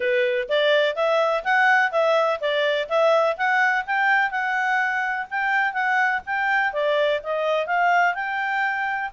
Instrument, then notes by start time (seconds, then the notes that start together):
clarinet
0.00 B4
0.48 D5
0.95 E5
1.44 F#5
1.91 E5
2.40 D5
2.88 E5
3.37 F#5
3.85 G5
4.30 F#5
5.30 G5
5.73 F#5
6.26 G5
6.72 D5
7.23 D#5
7.66 F5
8.14 G5